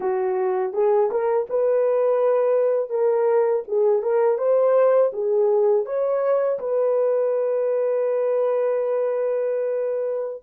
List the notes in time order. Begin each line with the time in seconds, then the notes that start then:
0.00 F#4
0.73 G#4
1.10 A#4
1.49 B4
2.89 A#4
3.67 G#4
4.02 A#4
4.38 C5
5.13 G#4
5.85 C#5
6.59 B4